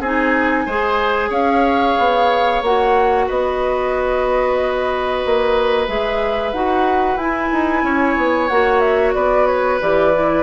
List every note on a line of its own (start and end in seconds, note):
0.00 0.65 C4
0.00 0.68 D#4
0.00 0.65 G#4
0.00 1.32 G#5
0.66 1.30 G#3
0.66 2.64 G#4
0.66 1.30 C5
1.30 1.95 C#4
1.30 3.25 C#5
1.30 2.63 F5
1.99 2.62 B3
2.62 3.27 A#3
2.62 5.87 F#4
2.62 3.29 F#5
3.27 5.25 B3
3.27 7.84 B4
3.27 5.88 D#5
5.25 5.88 A#3
5.87 6.53 G#3
5.87 6.52 G#4
5.87 6.53 E5
6.53 7.17 D#4
6.53 7.19 F#4
6.53 7.18 F#5
7.17 7.49 E4
7.17 8.50 E4
7.17 8.48 G#5
7.52 7.83 D#4
7.83 8.16 C#4
7.83 9.15 C#5
8.17 8.50 B3
8.48 9.15 A#3
8.48 9.81 F#4
8.48 8.79 F#5
8.79 9.12 E5
9.14 9.80 B3
9.14 10.43 B4
9.14 9.46 D5
9.47 9.79 C#5
9.81 10.43 E3
9.81 10.14 G4
9.81 10.43 D5
10.14 10.43 E4